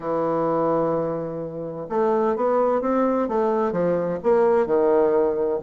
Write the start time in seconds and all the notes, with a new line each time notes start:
0.00 E3
1.89 A3
2.36 B3
2.81 C4
3.28 A3
3.72 F3
4.23 A#3
4.66 D#3